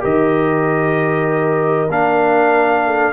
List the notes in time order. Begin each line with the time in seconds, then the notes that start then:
0.00 D#3 G4 A#4 D#5
1.88 A#3 D4 F5
2.85 A4